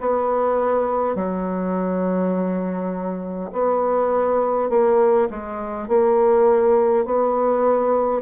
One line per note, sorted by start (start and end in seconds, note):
0.00 1.16 B3
1.16 3.51 F#3
3.53 4.70 B3
4.70 5.28 A#3
5.30 5.88 G#3
5.88 7.05 A#3
7.05 8.22 B3